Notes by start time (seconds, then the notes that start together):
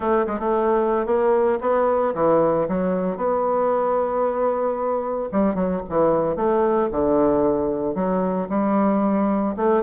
0.00 A3
0.27 G#3
0.39 A3
1.05 A#3
1.60 B3
2.14 E3
2.68 F#3
3.16 B3
5.32 G3
5.54 F#3
5.89 E3
6.36 A3
6.91 D3
7.95 F#3
8.49 G3
9.56 A3